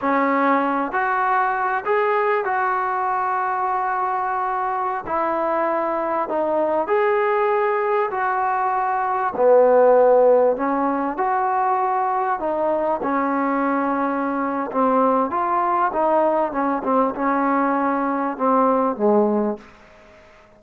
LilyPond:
\new Staff \with { instrumentName = "trombone" } { \time 4/4 \tempo 4 = 98 cis'4. fis'4. gis'4 | fis'1~ | fis'16 e'2 dis'4 gis'8.~ | gis'4~ gis'16 fis'2 b8.~ |
b4~ b16 cis'4 fis'4.~ fis'16~ | fis'16 dis'4 cis'2~ cis'8. | c'4 f'4 dis'4 cis'8 c'8 | cis'2 c'4 gis4 | }